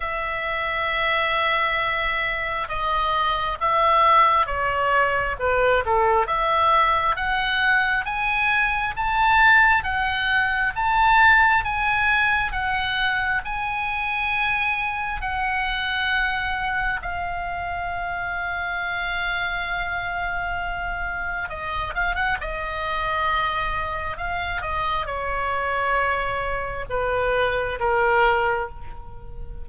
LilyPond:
\new Staff \with { instrumentName = "oboe" } { \time 4/4 \tempo 4 = 67 e''2. dis''4 | e''4 cis''4 b'8 a'8 e''4 | fis''4 gis''4 a''4 fis''4 | a''4 gis''4 fis''4 gis''4~ |
gis''4 fis''2 f''4~ | f''1 | dis''8 f''16 fis''16 dis''2 f''8 dis''8 | cis''2 b'4 ais'4 | }